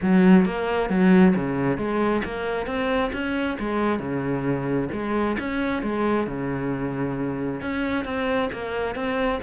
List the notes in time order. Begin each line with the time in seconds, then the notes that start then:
0.01 F#3
0.45 A#3
0.89 F#3
1.35 C#3
1.77 G#3
2.24 A#3
2.66 C4
3.13 C#4
3.59 G#3
3.99 C#3
4.92 G#3
5.39 C#4
5.82 G#3
6.27 C#3
7.61 C#4
8.05 C4
8.52 A#3
8.95 C4